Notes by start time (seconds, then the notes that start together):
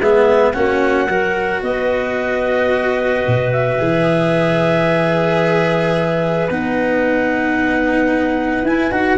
0.00 G#3 B3 G#4 E5
0.53 A#3 C#4 F#4 F#5
1.08 F#3 F#4 A#4
1.62 B3 B4 D#5
3.27 B2
3.52 E5
3.79 E3 G#4
6.50 B3 D#4 F#5
8.63 E4 G#5
8.91 D#4 F#4 F#5